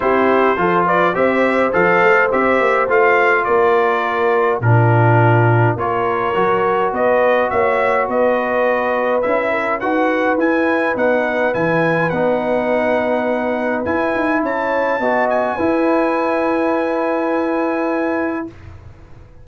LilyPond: <<
  \new Staff \with { instrumentName = "trumpet" } { \time 4/4 \tempo 4 = 104 c''4. d''8 e''4 f''4 | e''4 f''4 d''2 | ais'2 cis''2 | dis''4 e''4 dis''2 |
e''4 fis''4 gis''4 fis''4 | gis''4 fis''2. | gis''4 a''4. gis''4.~ | gis''1 | }
  \new Staff \with { instrumentName = "horn" } { \time 4/4 g'4 a'8 b'8 c''2~ | c''2 ais'2 | f'2 ais'2 | b'4 cis''4 b'2~ |
b'8 ais'8 b'2.~ | b'1~ | b'4 cis''4 dis''4 b'4~ | b'1 | }
  \new Staff \with { instrumentName = "trombone" } { \time 4/4 e'4 f'4 g'4 a'4 | g'4 f'2. | d'2 f'4 fis'4~ | fis'1 |
e'4 fis'4 e'4 dis'4 | e'4 dis'2. | e'2 fis'4 e'4~ | e'1 | }
  \new Staff \with { instrumentName = "tuba" } { \time 4/4 c'4 f4 c'4 f8 a8 | c'8 ais8 a4 ais2 | ais,2 ais4 fis4 | b4 ais4 b2 |
cis'4 dis'4 e'4 b4 | e4 b2. | e'8 dis'8 cis'4 b4 e'4~ | e'1 | }
>>